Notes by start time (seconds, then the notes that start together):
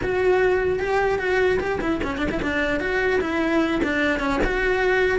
0.02 F#4
0.79 G4
1.19 F#4
1.59 G4
1.81 E4
2.03 C#4
2.17 D4
2.31 E4
2.42 D4
2.80 F#4
3.21 E4
3.83 D4
4.19 C#4
4.44 F#4